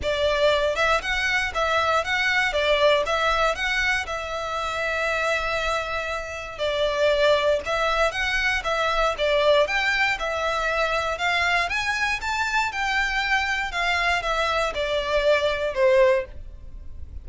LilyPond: \new Staff \with { instrumentName = "violin" } { \time 4/4 \tempo 4 = 118 d''4. e''8 fis''4 e''4 | fis''4 d''4 e''4 fis''4 | e''1~ | e''4 d''2 e''4 |
fis''4 e''4 d''4 g''4 | e''2 f''4 gis''4 | a''4 g''2 f''4 | e''4 d''2 c''4 | }